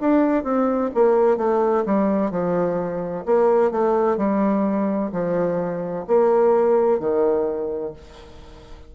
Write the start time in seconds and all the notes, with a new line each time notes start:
0.00 D4
0.43 C4
0.94 A#3
1.37 A3
1.85 G3
2.31 F3
3.26 A#3
3.71 A3
4.17 G3
5.12 F3
6.07 A#3
6.99 D#3